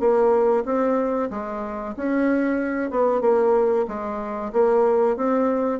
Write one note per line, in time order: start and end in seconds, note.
0.00 0.65 A#3
0.65 1.30 C4
1.30 1.95 G#3
1.97 2.91 C#4
2.91 3.21 B3
3.21 3.86 A#3
3.88 4.52 G#3
4.53 5.17 A#3
5.17 5.80 C4